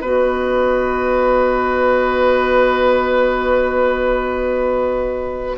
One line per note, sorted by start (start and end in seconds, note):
0.00 5.56 B3
0.00 5.57 F#4
0.00 5.56 B4
0.00 5.56 D#5